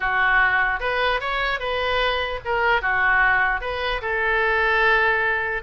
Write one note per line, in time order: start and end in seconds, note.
0.00 0.80 F#4
0.80 1.20 B4
1.20 1.59 C#5
1.59 2.40 B4
2.44 2.81 A#4
2.81 3.60 F#4
3.60 4.01 B4
4.01 5.62 A4